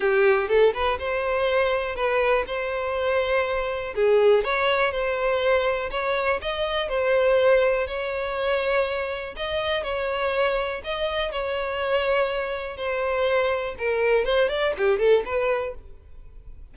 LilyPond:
\new Staff \with { instrumentName = "violin" } { \time 4/4 \tempo 4 = 122 g'4 a'8 b'8 c''2 | b'4 c''2. | gis'4 cis''4 c''2 | cis''4 dis''4 c''2 |
cis''2. dis''4 | cis''2 dis''4 cis''4~ | cis''2 c''2 | ais'4 c''8 d''8 g'8 a'8 b'4 | }